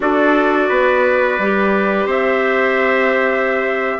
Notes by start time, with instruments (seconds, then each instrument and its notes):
0.00 bassoon D4, clarinet F#4, trumpet A4 D5
0.68 bassoon B3, trumpet B4
1.38 bassoon G3, clarinet G4
2.05 bassoon C4, trumpet C5 E5